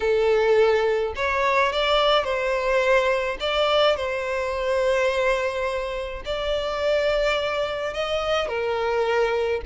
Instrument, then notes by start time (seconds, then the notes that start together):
violin
0.00 A4
1.15 C#5
1.72 D5
2.24 C5
3.40 D5
3.96 C5
6.25 D5
7.93 D#5
8.48 A#4